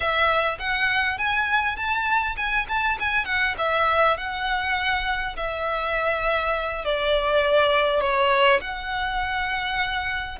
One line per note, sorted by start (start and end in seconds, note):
0.00 0.58 E5
0.59 1.18 F#5
1.18 1.76 G#5
1.76 2.35 A5
2.36 2.66 G#5
2.68 2.98 A5
2.99 3.25 G#5
3.25 3.55 F#5
3.58 4.17 E5
4.17 5.35 F#5
5.36 6.85 E5
6.85 8.00 D5
8.00 8.60 C#5
8.60 10.39 F#5